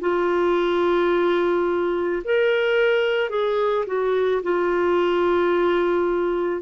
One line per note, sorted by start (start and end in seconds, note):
0.00 2.22 F4
2.24 3.29 A#4
3.29 3.85 G#4
3.86 4.42 F#4
4.42 6.61 F4